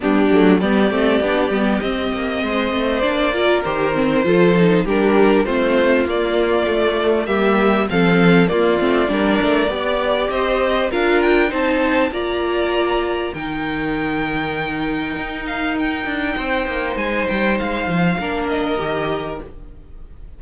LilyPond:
<<
  \new Staff \with { instrumentName = "violin" } { \time 4/4 \tempo 4 = 99 g'4 d''2 dis''4~ | dis''4 d''4 c''2 | ais'4 c''4 d''2 | e''4 f''4 d''2~ |
d''4 dis''4 f''8 g''8 a''4 | ais''2 g''2~ | g''4. f''8 g''2 | gis''8 g''8 f''4. dis''4. | }
  \new Staff \with { instrumentName = "violin" } { \time 4/4 d'4 g'2. | c''4. ais'4. a'4 | g'4 f'2. | g'4 a'4 f'4 ais'4 |
d''4 c''4 ais'4 c''4 | d''2 ais'2~ | ais'2. c''4~ | c''2 ais'2 | }
  \new Staff \with { instrumentName = "viola" } { \time 4/4 b8 a8 b8 c'8 d'8 b8 c'4~ | c'4 d'8 f'8 g'8 c'8 f'8 dis'8 | d'4 c'4 ais4 a4 | ais4 c'4 ais8 c'8 d'4 |
g'2 f'4 dis'4 | f'2 dis'2~ | dis'1~ | dis'2 d'4 g'4 | }
  \new Staff \with { instrumentName = "cello" } { \time 4/4 g8 fis8 g8 a8 b8 g8 c'8 ais8 | gis8 a8 ais4 dis4 f4 | g4 a4 ais4 a4 | g4 f4 ais8 a8 g8 a8 |
b4 c'4 d'4 c'4 | ais2 dis2~ | dis4 dis'4. d'8 c'8 ais8 | gis8 g8 gis8 f8 ais4 dis4 | }
>>